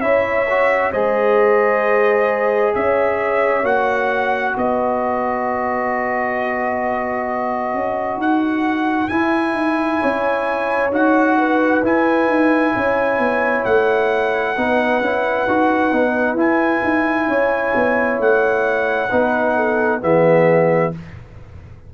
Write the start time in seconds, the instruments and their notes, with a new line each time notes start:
0.00 tuba C#4, trombone E4, horn C#5, trumpet E5
0.49 trombone F#4
0.91 tuba G#3, trombone G#4, horn C5, trumpet D#5
2.74 tuba C#4, horn C#5, trumpet E5
3.63 tuba A#3, trombone F#4, trumpet F#5
4.55 tuba B3, horn B4, trumpet D#5
7.74 tuba C#4
8.16 tuba D#4, trumpet F#5
9.08 trombone E4, tuba E4, trumpet G#5
9.53 tuba D#4
10.00 tuba C#4, horn C#5
10.91 tuba D#4, trombone F#4, trumpet F#5
11.37 horn B4
11.82 tuba E4, trombone E4, trumpet G#5
12.27 tuba D#4
12.75 tuba C#4, horn C#5
13.18 tuba B3
13.64 tuba A3, trumpet F#5
14.56 tuba B3, trombone D#4, horn B4
15.00 tuba C#4, trombone E4
15.47 tuba D#4, trombone F#4
15.92 tuba B3, trombone D#4
16.34 tuba E4, trombone E4, trumpet G#5
16.83 tuba D#4
17.27 tuba C#4, horn C#5
17.74 tuba B3
18.18 tuba A3, trumpet F#5
19.09 tuba B3, trombone D#4, horn B4
19.55 horn A4
20.00 tuba E3, trombone B3, horn G#4, trumpet E5